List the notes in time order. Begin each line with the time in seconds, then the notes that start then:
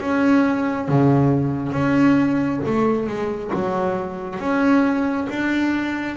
0.00 C#4
0.88 C#3
1.72 C#4
2.66 A3
3.07 G#3
3.53 F#3
4.39 C#4
5.29 D4